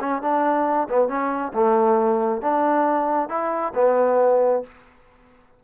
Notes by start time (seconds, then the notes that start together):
0.00 C#4
0.22 D4
0.89 B3
1.08 C#4
1.54 A3
2.42 D4
3.29 E4
3.75 B3